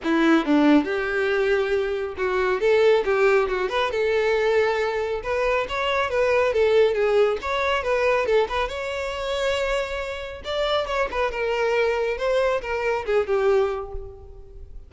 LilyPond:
\new Staff \with { instrumentName = "violin" } { \time 4/4 \tempo 4 = 138 e'4 d'4 g'2~ | g'4 fis'4 a'4 g'4 | fis'8 b'8 a'2. | b'4 cis''4 b'4 a'4 |
gis'4 cis''4 b'4 a'8 b'8 | cis''1 | d''4 cis''8 b'8 ais'2 | c''4 ais'4 gis'8 g'4. | }